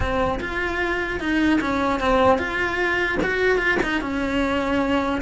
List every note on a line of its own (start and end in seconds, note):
0.00 0.39 C4
0.39 1.19 F4
1.20 1.60 D#4
1.60 2.00 C#4
2.00 2.38 C4
2.38 3.18 F4
3.22 3.58 F#4
3.58 3.78 F4
3.82 4.01 D#4
4.01 5.21 C#4